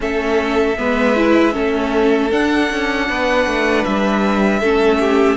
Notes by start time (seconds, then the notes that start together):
0.00 A3 C#4 A4 E5
0.77 G#3 B3 B4
1.16 E4
1.52 A3 C#4 A4
2.31 D4 F#5
2.70 C#4
3.09 B3 B4
3.46 A3
3.84 G3 E5
4.59 A3 C#4 A4
4.99 G4